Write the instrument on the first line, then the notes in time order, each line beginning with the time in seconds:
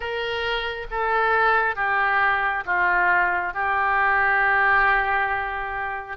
oboe
0.00 A#4
0.90 A4
1.75 G4
2.65 F4
3.53 G4